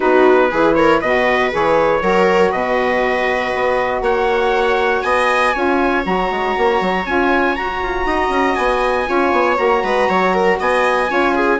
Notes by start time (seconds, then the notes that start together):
0.00 B3 D#4 F#4 B4
0.50 E3 E4 G#4
0.74 A#4 C#5
1.00 B2 F#4 B4 D#5
1.51 E3 G#4 C#5
2.00 F#3 F#4 A#4
2.51 B2 B4 D#5
3.54 B3
4.01 A#3 C#5 F#5
5.02 B3 D#5 G#5
5.53 C#4 F4 C#5
6.03 F#3 F#4 A#5
6.30 G#3
6.57 A#3
6.81 F#3
7.06 C#4 F4 G#5
7.55 F#4 A#5
7.82 F4
8.06 D#4 D#5
8.29 C#4
8.55 B3 G#5
9.05 C#4 F4 C#5
9.32 B3
9.55 A#3 F#4 A#5
9.83 G#3 B4
10.08 F#3 C#5
10.34 A#4
10.59 B3 D#5 G#5
11.07 C#4 F4 C#5
11.34 G#4